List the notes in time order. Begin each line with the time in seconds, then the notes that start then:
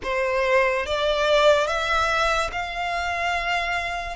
0.03 C5
0.86 D5
1.67 E5
2.52 F5